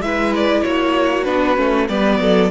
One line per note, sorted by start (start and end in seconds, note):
0.00 0.62 G#3
0.00 1.24 E4
0.00 0.63 B4
0.00 0.33 E5
0.35 0.62 D5
0.62 1.27 A#3
0.62 1.88 F#4
0.62 1.24 C#5
1.24 1.58 B3
1.24 1.55 D4
1.24 1.86 B4
1.56 1.89 A3
1.56 1.87 C#4
1.89 2.19 G3
1.89 2.51 B3
1.89 2.20 B4
1.89 2.51 D5
2.19 2.50 F#3
2.19 2.51 A4